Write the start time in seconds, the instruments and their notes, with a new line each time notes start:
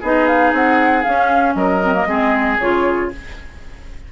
0.00 bassoon B3, clarinet D#4, oboe G#4, flute D#5
0.27 flute F5
0.52 bassoon C4, flute F#5
1.03 clarinet C#4, bassoon C#4, flute F5
1.55 bassoon F#3, oboe A#4, flute D#5
1.84 clarinet C4
1.94 clarinet A#3
2.06 bassoon G#3, clarinet C4, oboe G#4
2.59 bassoon C#3, clarinet F4, flute C#5